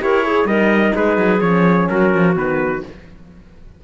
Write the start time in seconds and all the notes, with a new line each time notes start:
0.00 E4 G4 A#4 C#5
0.22 G#4
0.46 G3 D#4 A#4 D#5
0.95 G#3 G#4 B4
1.18 F#3
1.41 F3 C#4 C#5
1.90 F#3 F#4 A#4
2.15 F3
2.35 D#3 B3 B4